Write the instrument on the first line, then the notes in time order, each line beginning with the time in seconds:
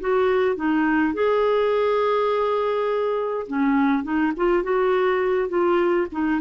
clarinet
0.00 F#4
0.56 D#4
1.13 G#4
3.47 C#4
4.03 D#4
4.36 F4
4.63 F#4
5.48 F4
6.11 D#4